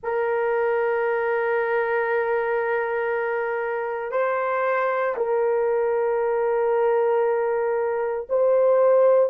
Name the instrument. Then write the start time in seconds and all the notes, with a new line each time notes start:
horn
0.03 A#4
4.11 C5
5.17 A#4
8.29 C5